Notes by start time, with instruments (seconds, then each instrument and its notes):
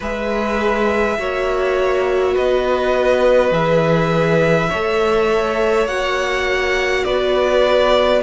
0.00 cello G#3, viola G#4, violin B4 E5
1.18 cello A#3, viola F#4, violin C#5
2.34 cello B3, violin B4 D#5
3.51 cello E3, viola G#4, violin E5
4.69 cello A3, viola A4, violin C#5
5.86 cello A#3, viola F#4, violin F#5
7.04 cello B3, violin B4 D5